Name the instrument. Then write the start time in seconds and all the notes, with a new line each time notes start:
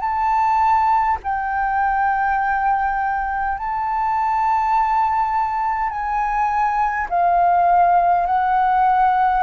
flute
0.00 A5
1.23 G5
3.57 A5
5.90 G#5
7.09 F5
8.26 F#5